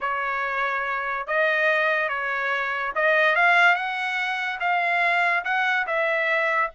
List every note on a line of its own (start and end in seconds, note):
0.00 1.26 C#5
1.27 2.08 D#5
2.08 2.92 C#5
2.95 3.35 D#5
3.35 3.75 F5
3.75 4.59 F#5
4.60 5.44 F5
5.44 5.86 F#5
5.86 6.70 E5